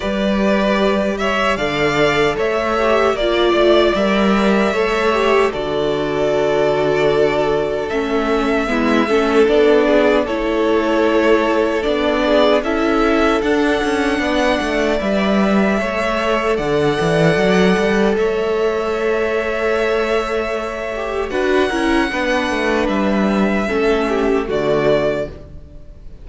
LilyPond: <<
  \new Staff \with { instrumentName = "violin" } { \time 4/4 \tempo 4 = 76 d''4. e''8 f''4 e''4 | d''4 e''2 d''4~ | d''2 e''2 | d''4 cis''2 d''4 |
e''4 fis''2 e''4~ | e''4 fis''2 e''4~ | e''2. fis''4~ | fis''4 e''2 d''4 | }
  \new Staff \with { instrumentName = "violin" } { \time 4/4 b'4. cis''8 d''4 cis''4 | d''2 cis''4 a'4~ | a'2. e'8 a'8~ | a'8 gis'8 a'2~ a'8 gis'8 |
a'2 d''2 | cis''4 d''2 cis''4~ | cis''2. b'8 ais'8 | b'2 a'8 g'8 fis'4 | }
  \new Staff \with { instrumentName = "viola" } { \time 4/4 g'2 a'4. g'8 | f'4 ais'4 a'8 g'8 fis'4~ | fis'2 cis'4 b8 cis'8 | d'4 e'2 d'4 |
e'4 d'2 b'4 | a'1~ | a'2~ a'8 g'8 fis'8 e'8 | d'2 cis'4 a4 | }
  \new Staff \with { instrumentName = "cello" } { \time 4/4 g2 d4 a4 | ais8 a8 g4 a4 d4~ | d2 a4 gis8 a8 | b4 a2 b4 |
cis'4 d'8 cis'8 b8 a8 g4 | a4 d8 e8 fis8 g8 a4~ | a2. d'8 cis'8 | b8 a8 g4 a4 d4 | }
>>